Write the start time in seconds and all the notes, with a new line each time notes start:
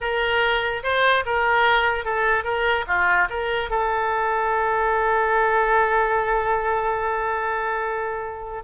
0.00 A#4
0.83 C5
1.25 A#4
2.04 A4
2.44 A#4
2.87 F4
3.29 A#4
3.69 A4